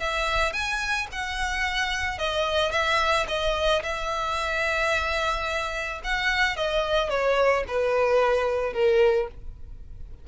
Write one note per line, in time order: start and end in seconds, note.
0.00 0.53 E5
0.53 1.08 G#5
1.13 2.19 F#5
2.19 2.72 D#5
2.72 3.27 E5
3.28 3.83 D#5
3.83 6.01 E5
6.04 6.57 F#5
6.57 7.10 D#5
7.10 7.64 C#5
7.68 8.73 B4
8.73 9.28 A#4